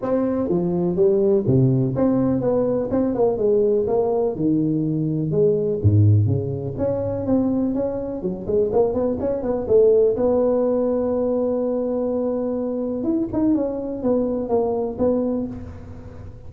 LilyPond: \new Staff \with { instrumentName = "tuba" } { \time 4/4 \tempo 4 = 124 c'4 f4 g4 c4 | c'4 b4 c'8 ais8 gis4 | ais4 dis2 gis4 | gis,4 cis4 cis'4 c'4 |
cis'4 fis8 gis8 ais8 b8 cis'8 b8 | a4 b2.~ | b2. e'8 dis'8 | cis'4 b4 ais4 b4 | }